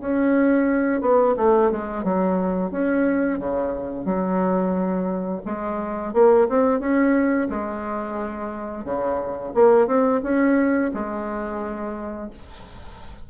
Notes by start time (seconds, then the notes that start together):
0.00 C#4
1.01 B3
1.36 A3
1.71 G#3
2.04 F#3
2.71 C#4
3.39 C#3
4.05 F#3
5.45 G#3
6.13 A#3
6.49 C4
6.80 C#4
7.49 G#3
8.85 C#3
9.54 A#3
9.86 C4
10.23 C#4
10.94 G#3